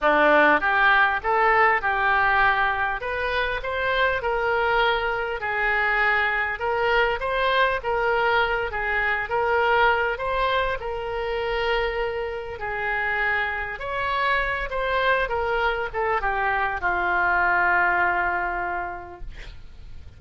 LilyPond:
\new Staff \with { instrumentName = "oboe" } { \time 4/4 \tempo 4 = 100 d'4 g'4 a'4 g'4~ | g'4 b'4 c''4 ais'4~ | ais'4 gis'2 ais'4 | c''4 ais'4. gis'4 ais'8~ |
ais'4 c''4 ais'2~ | ais'4 gis'2 cis''4~ | cis''8 c''4 ais'4 a'8 g'4 | f'1 | }